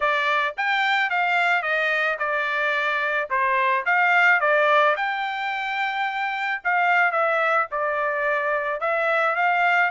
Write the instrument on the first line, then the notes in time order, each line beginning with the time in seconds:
trumpet
0.00 D5
0.57 G5
1.10 F5
1.62 D#5
2.18 D5
3.30 C5
3.85 F5
4.40 D5
4.96 G5
6.64 F5
7.11 E5
7.71 D5
8.80 E5
9.35 F5